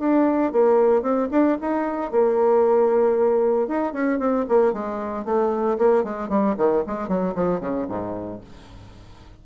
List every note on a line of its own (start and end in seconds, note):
0.00 0.53 D4
0.53 1.03 A#3
1.03 1.29 C4
1.32 1.58 D4
1.62 2.12 D#4
2.12 3.68 A#3
3.68 3.93 D#4
3.93 4.20 C#4
4.20 4.46 C4
4.49 4.74 A#3
4.74 5.26 G#3
5.26 5.78 A3
5.79 6.04 A#3
6.04 6.30 G#3
6.30 6.56 G3
6.58 6.84 D#3
6.88 7.09 G#3
7.09 7.35 F#3
7.36 7.61 F3
7.61 7.87 C#3
7.89 8.41 G#2